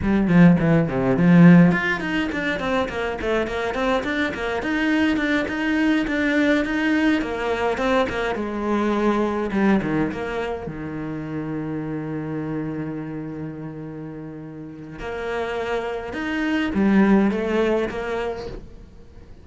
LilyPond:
\new Staff \with { instrumentName = "cello" } { \time 4/4 \tempo 4 = 104 g8 f8 e8 c8 f4 f'8 dis'8 | d'8 c'8 ais8 a8 ais8 c'8 d'8 ais8 | dis'4 d'8 dis'4 d'4 dis'8~ | dis'8 ais4 c'8 ais8 gis4.~ |
gis8 g8 dis8 ais4 dis4.~ | dis1~ | dis2 ais2 | dis'4 g4 a4 ais4 | }